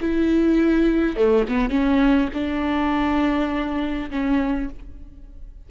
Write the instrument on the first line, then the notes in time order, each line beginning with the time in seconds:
viola
0.00 E4
1.16 A3
1.48 B3
1.69 C#4
2.33 D4
4.10 C#4